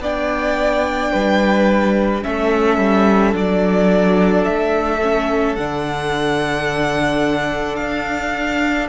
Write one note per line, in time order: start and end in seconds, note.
0.00 1.11 B3
0.00 2.23 D4
0.00 1.12 D5
0.00 2.23 G5
1.12 2.25 G3
1.12 2.23 B4
2.23 2.78 A3
2.23 3.34 C#4
2.23 8.90 A4
2.23 3.34 E5
2.78 3.34 G3
3.34 4.46 F#3
3.34 5.01 D4
3.34 4.45 D5
4.45 5.58 A3
4.45 5.56 E5
5.02 5.57 C#4
5.56 7.79 D3
5.56 8.90 D4
5.56 7.76 F#5
7.76 8.90 D4
7.76 8.87 F5